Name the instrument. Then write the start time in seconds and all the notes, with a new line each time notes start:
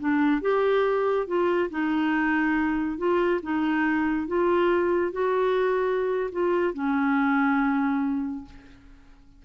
clarinet
0.00 D4
0.42 G4
1.27 F4
1.70 D#4
2.98 F4
3.43 D#4
4.27 F4
5.12 F#4
6.32 F4
6.74 C#4